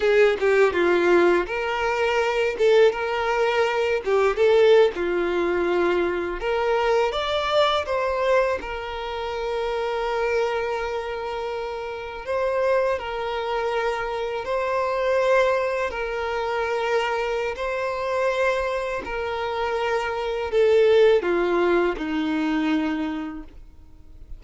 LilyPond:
\new Staff \with { instrumentName = "violin" } { \time 4/4 \tempo 4 = 82 gis'8 g'8 f'4 ais'4. a'8 | ais'4. g'8 a'8. f'4~ f'16~ | f'8. ais'4 d''4 c''4 ais'16~ | ais'1~ |
ais'8. c''4 ais'2 c''16~ | c''4.~ c''16 ais'2~ ais'16 | c''2 ais'2 | a'4 f'4 dis'2 | }